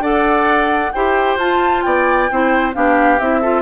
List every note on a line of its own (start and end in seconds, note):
0.00 0.90 D4
0.00 0.93 A4
0.00 0.92 D5
0.00 0.92 F#5
0.92 1.37 E4
0.92 1.40 G4
0.92 1.85 C5
0.92 1.38 G5
1.37 1.82 F4
1.37 2.30 F4
1.37 1.83 A5
1.83 2.31 B3
1.83 2.31 D5
1.83 2.73 G5
2.31 2.76 C4
2.31 2.74 E4
2.31 2.76 C5
2.74 3.20 B3
2.74 3.19 D4
2.74 3.41 G4
2.74 3.20 F5
3.20 3.62 C4
3.20 3.43 E4
3.20 3.62 E5
3.41 3.62 F4
3.41 3.62 A4